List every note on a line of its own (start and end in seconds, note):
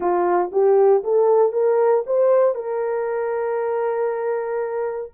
0.00 0.51 F4
0.52 1.03 G4
1.03 1.52 A4
1.52 2.03 A#4
2.06 2.54 C5
2.54 5.11 A#4